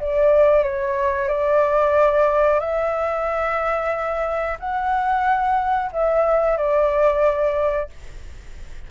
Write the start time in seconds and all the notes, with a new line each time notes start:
0.00 D5
0.64 C#5
1.28 D5
2.60 E5
4.59 F#5
5.93 E5
6.58 D5